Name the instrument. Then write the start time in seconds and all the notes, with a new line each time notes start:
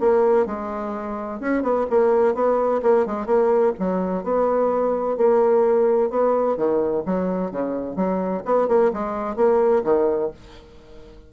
bassoon
0.00 A#3
0.46 G#3
1.40 C#4
1.63 B3
1.90 A#3
2.34 B3
2.82 A#3
3.06 G#3
3.26 A#3
3.79 F#3
4.23 B3
5.17 A#3
6.10 B3
6.57 D#3
7.05 F#3
7.51 C#3
7.96 F#3
8.45 B3
8.68 A#3
8.93 G#3
9.36 A#3
9.84 D#3